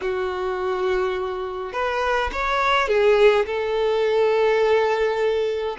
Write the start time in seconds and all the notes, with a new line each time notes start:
0.01 F#4
1.73 B4
2.32 C#5
2.87 G#4
3.46 A4